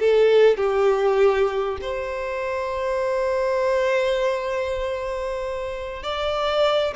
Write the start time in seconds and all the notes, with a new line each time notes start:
0.00 A4
0.58 G4
1.82 C5
6.04 D5